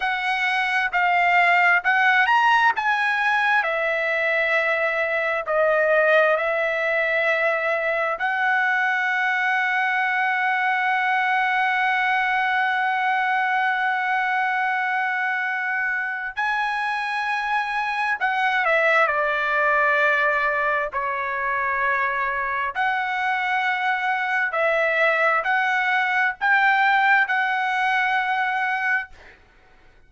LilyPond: \new Staff \with { instrumentName = "trumpet" } { \time 4/4 \tempo 4 = 66 fis''4 f''4 fis''8 ais''8 gis''4 | e''2 dis''4 e''4~ | e''4 fis''2.~ | fis''1~ |
fis''2 gis''2 | fis''8 e''8 d''2 cis''4~ | cis''4 fis''2 e''4 | fis''4 g''4 fis''2 | }